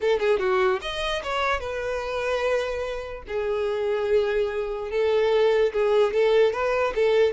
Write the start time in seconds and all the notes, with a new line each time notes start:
0.00 A4
0.19 G#4
0.39 F#4
0.81 D#5
1.23 C#5
1.60 B4
3.27 G#4
4.90 A4
5.72 G#4
6.13 A4
6.53 B4
6.95 A4